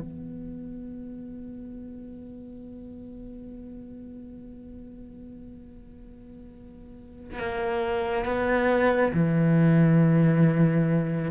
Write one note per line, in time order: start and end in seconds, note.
0.00 7.39 B3
7.39 8.25 A#3
8.25 9.11 B3
9.13 11.30 E3